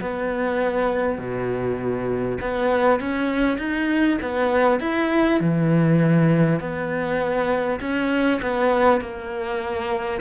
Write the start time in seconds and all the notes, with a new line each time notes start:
0.00 B3
1.18 B2
2.41 B3
3.00 C#4
3.58 D#4
4.21 B3
4.79 E4
5.40 E3
6.60 B3
7.80 C#4
8.42 B3
9.00 A#3